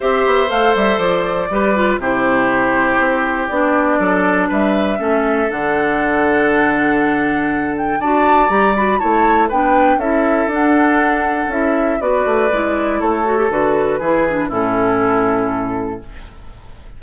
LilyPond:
<<
  \new Staff \with { instrumentName = "flute" } { \time 4/4 \tempo 4 = 120 e''4 f''8 e''8 d''2 | c''2. d''4~ | d''4 e''2 fis''4~ | fis''2.~ fis''8 g''8 |
a''4 ais''8 b''8 a''4 g''4 | e''4 fis''2 e''4 | d''2 cis''4 b'4~ | b'4 a'2. | }
  \new Staff \with { instrumentName = "oboe" } { \time 4/4 c''2. b'4 | g'1 | a'4 b'4 a'2~ | a'1 |
d''2 cis''4 b'4 | a'1 | b'2 a'2 | gis'4 e'2. | }
  \new Staff \with { instrumentName = "clarinet" } { \time 4/4 g'4 a'2 g'8 f'8 | e'2. d'4~ | d'2 cis'4 d'4~ | d'1 |
fis'4 g'8 fis'8 e'4 d'4 | e'4 d'2 e'4 | fis'4 e'4. fis'16 g'16 fis'4 | e'8 d'8 cis'2. | }
  \new Staff \with { instrumentName = "bassoon" } { \time 4/4 c'8 b8 a8 g8 f4 g4 | c2 c'4 b4 | fis4 g4 a4 d4~ | d1 |
d'4 g4 a4 b4 | cis'4 d'2 cis'4 | b8 a8 gis4 a4 d4 | e4 a,2. | }
>>